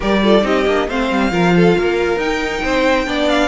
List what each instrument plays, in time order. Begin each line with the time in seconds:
0.00 cello G3, viola G4, violin A#4 D5
0.23 viola F4, violin A4
0.41 cello C4, viola D#4, violin G4 D#5
0.65 cello A#3, viola D4
0.88 cello A3, viola C4, violin C5 F5
1.10 cello G3
1.31 cello F3, viola F4, violin A#4
1.56 violin A4
1.78 cello A#3, violin A#4
2.16 cello D#4, viola D#4, violin G5
2.62 cello C4, violin C5
3.06 cello B3, viola D4, violin D5
3.28 violin F5